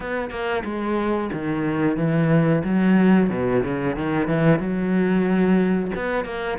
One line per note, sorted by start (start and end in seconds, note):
0.00 0.30 B3
0.30 0.63 A#3
0.64 1.30 G#3
1.32 1.97 D#3
1.97 2.63 E3
2.64 3.29 F#3
3.29 3.62 B2
3.63 3.96 C#3
3.96 4.27 D#3
4.27 4.59 E3
4.59 5.91 F#3
5.95 6.25 B3
6.25 6.58 A#3